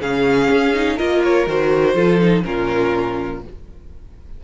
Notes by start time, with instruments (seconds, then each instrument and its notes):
0.00 cello C#3, viola C#4, violin G#4 F5
0.50 cello C#4
0.74 viola D#4
0.96 cello A#3, viola F4, violin A#4 D#5
1.24 violin C#5
1.47 cello D#3, viola F#4, violin C5
1.95 cello F3, viola F4, violin A4
2.21 viola D#4
2.43 cello A#2, viola C#4, violin F4 A#4